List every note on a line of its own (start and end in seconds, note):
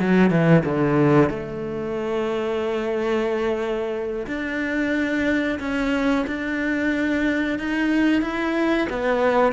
0.00 0.31 F#3
0.31 0.64 E3
0.65 1.30 D3
1.30 4.27 A3
4.27 5.59 D4
5.60 6.26 C#4
6.27 7.59 D4
7.59 8.22 D#4
8.22 8.88 E4
8.90 9.53 B3